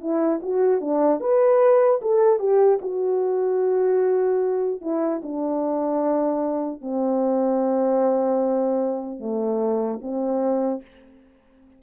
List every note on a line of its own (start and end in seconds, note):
0.00 0.40 E4
0.42 0.80 F#4
0.80 1.20 D4
1.20 2.00 B4
2.01 2.39 A4
2.39 2.79 G4
2.81 4.81 F#4
4.81 5.21 E4
5.22 6.81 D4
6.81 9.19 C4
9.19 9.99 A3
10.01 10.81 C4